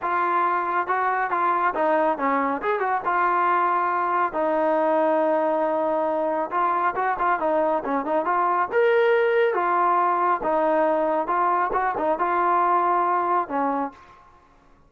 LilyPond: \new Staff \with { instrumentName = "trombone" } { \time 4/4 \tempo 4 = 138 f'2 fis'4 f'4 | dis'4 cis'4 gis'8 fis'8 f'4~ | f'2 dis'2~ | dis'2. f'4 |
fis'8 f'8 dis'4 cis'8 dis'8 f'4 | ais'2 f'2 | dis'2 f'4 fis'8 dis'8 | f'2. cis'4 | }